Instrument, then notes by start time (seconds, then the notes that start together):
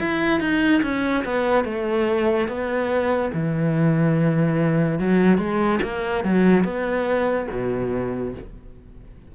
cello
0.00 E4
0.40 D#4
0.83 C#4
1.25 B3
1.65 A3
2.48 B3
3.34 E3
4.99 F#3
5.38 G#3
5.83 A#3
6.24 F#3
6.64 B3
7.51 B2